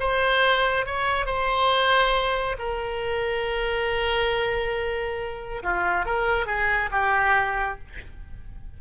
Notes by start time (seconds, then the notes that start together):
0.00 C5
0.86 C#5
1.26 C5
2.58 A#4
5.63 F4
6.06 A#4
6.47 G#4
6.92 G4